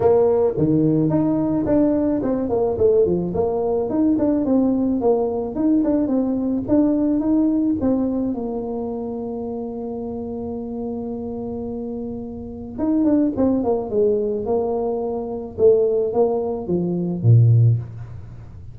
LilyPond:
\new Staff \with { instrumentName = "tuba" } { \time 4/4 \tempo 4 = 108 ais4 dis4 dis'4 d'4 | c'8 ais8 a8 f8 ais4 dis'8 d'8 | c'4 ais4 dis'8 d'8 c'4 | d'4 dis'4 c'4 ais4~ |
ais1~ | ais2. dis'8 d'8 | c'8 ais8 gis4 ais2 | a4 ais4 f4 ais,4 | }